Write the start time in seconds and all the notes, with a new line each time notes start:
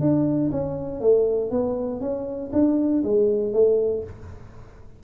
0.00 D4
0.51 C#4
1.00 A3
1.50 B3
2.00 C#4
2.52 D4
3.03 G#3
3.53 A3